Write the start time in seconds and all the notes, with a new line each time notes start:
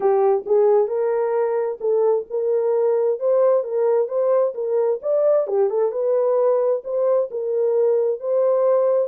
0.00 G4
0.45 G#4
0.87 A#4
1.80 A4
2.30 A#4
3.19 C5
3.63 A#4
4.08 C5
4.54 A#4
5.02 D5
5.47 G4
5.69 A4
5.91 B4
6.83 C5
7.30 A#4
8.19 C5